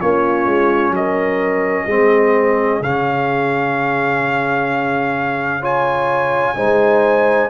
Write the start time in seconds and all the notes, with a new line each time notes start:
0.00 A#3 C#4 F4 C#5
0.46 G#3
0.90 F#3 A#4 D#5
1.85 G#3 C4 G#4
2.80 C#3 C#4 F5
5.60 F4 C#5 G#5
6.55 G#3 D#4 C5